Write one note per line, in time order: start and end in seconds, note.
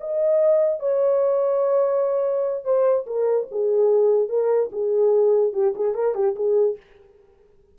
0.00 0.80 D#5
0.80 2.64 C#5
2.64 3.05 C5
3.06 3.47 A#4
3.51 4.29 G#4
4.29 4.70 A#4
4.72 5.53 G#4
5.53 5.74 G4
5.75 5.94 G#4
5.94 6.15 A#4
6.15 6.35 G4
6.35 6.77 G#4